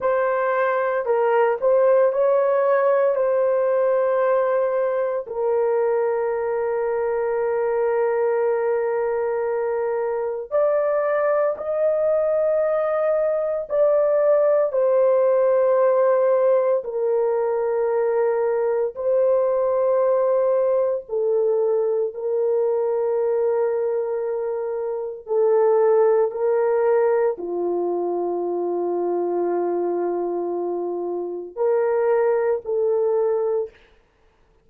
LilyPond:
\new Staff \with { instrumentName = "horn" } { \time 4/4 \tempo 4 = 57 c''4 ais'8 c''8 cis''4 c''4~ | c''4 ais'2.~ | ais'2 d''4 dis''4~ | dis''4 d''4 c''2 |
ais'2 c''2 | a'4 ais'2. | a'4 ais'4 f'2~ | f'2 ais'4 a'4 | }